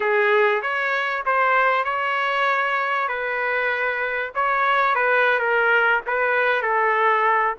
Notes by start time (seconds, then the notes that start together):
0.00 G#4
0.62 C#5
1.25 C5
1.84 C#5
3.08 B4
4.34 C#5
4.95 B4
5.39 A#4
6.06 B4
6.62 A4